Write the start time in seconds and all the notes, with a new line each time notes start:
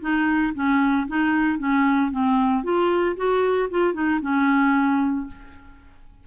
0.00 D#4
0.54 C#4
1.07 D#4
1.58 C#4
2.11 C4
2.63 F4
3.16 F#4
3.70 F4
3.93 D#4
4.21 C#4